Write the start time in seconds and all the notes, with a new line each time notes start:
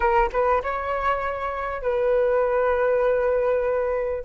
0.00 A#4
0.32 B4
0.63 C#5
1.82 B4